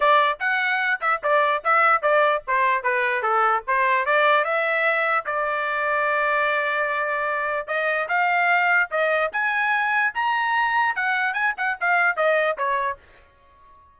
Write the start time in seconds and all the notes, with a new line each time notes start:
0.00 D5
0.39 F#5
1.00 E5
1.23 D5
1.63 E5
2.01 D5
2.47 C5
2.83 B4
3.22 A4
3.67 C5
4.05 D5
4.44 E5
5.25 D5
7.67 D#5
8.08 F5
8.90 D#5
9.32 G#5
10.14 A#5
10.95 F#5
11.33 G#5
11.57 F#5
11.80 F5
12.16 D#5
12.57 C#5